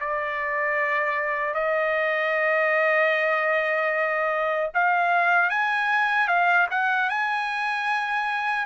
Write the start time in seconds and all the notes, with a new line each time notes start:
0.00 D5
1.54 D#5
4.74 F5
5.49 G#5
6.27 F5
6.70 F#5
7.09 G#5